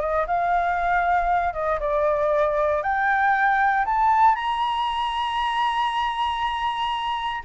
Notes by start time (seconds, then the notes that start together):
0.00 D#5
0.27 F5
1.53 D#5
1.80 D5
2.83 G5
3.85 A5
4.35 A#5